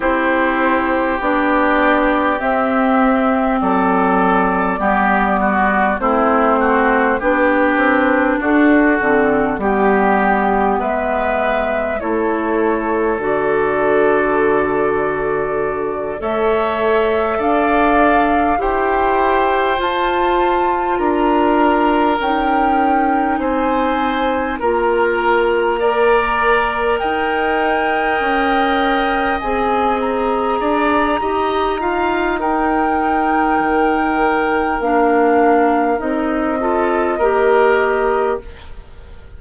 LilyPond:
<<
  \new Staff \with { instrumentName = "flute" } { \time 4/4 \tempo 4 = 50 c''4 d''4 e''4 d''4~ | d''4 c''4 b'4 a'4 | g'4 e''4 cis''4 d''4~ | d''4. e''4 f''4 g''8~ |
g''8 a''4 ais''4 g''4 gis''8~ | gis''8 ais''2 g''4.~ | g''8 gis''8 ais''2 g''4~ | g''4 f''4 dis''2 | }
  \new Staff \with { instrumentName = "oboe" } { \time 4/4 g'2. a'4 | g'8 fis'8 e'8 fis'8 g'4 fis'4 | g'4 b'4 a'2~ | a'4. cis''4 d''4 c''8~ |
c''4. ais'2 c''8~ | c''8 ais'4 d''4 dis''4.~ | dis''4. d''8 dis''8 f''8 ais'4~ | ais'2~ ais'8 a'8 ais'4 | }
  \new Staff \with { instrumentName = "clarinet" } { \time 4/4 e'4 d'4 c'2 | b4 c'4 d'4. c'8 | b2 e'4 fis'4~ | fis'4. a'2 g'8~ |
g'8 f'2 dis'4.~ | dis'8 f'4 ais'2~ ais'8~ | ais'8 gis'4. g'8 f'8 dis'4~ | dis'4 d'4 dis'8 f'8 g'4 | }
  \new Staff \with { instrumentName = "bassoon" } { \time 4/4 c'4 b4 c'4 fis4 | g4 a4 b8 c'8 d'8 d8 | g4 gis4 a4 d4~ | d4. a4 d'4 e'8~ |
e'8 f'4 d'4 cis'4 c'8~ | c'8 ais2 dis'4 cis'8~ | cis'8 c'4 d'8 dis'2 | dis4 ais4 c'4 ais4 | }
>>